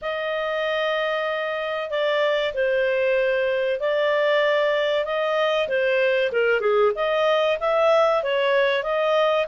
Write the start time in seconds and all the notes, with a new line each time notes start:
0.01 D#5
1.89 D5
2.53 C5
3.80 D5
5.04 D#5
5.68 C5
6.32 A#4
6.60 G#4
6.95 D#5
7.60 E5
8.23 C#5
8.83 D#5